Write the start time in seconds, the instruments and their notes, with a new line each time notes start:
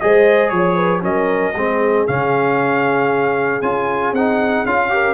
0.00 tuba G#3, trombone G#4, horn C5, trumpet D#5
0.49 tuba F3, trumpet C#5
0.56 horn C#5
0.75 horn B4
1.01 tuba F#3, trombone C#4, horn A#4, trumpet D#5
1.55 tuba G#3, trombone C4, horn G#4
2.07 tuba C#3, trombone C#4, trumpet F5
3.62 tuba C#4, trombone F4, trumpet G#5
4.13 tuba C4, trombone D#4, trumpet F#5
4.65 tuba C#4, trombone F4, trumpet F5
4.90 trombone G4, horn A#4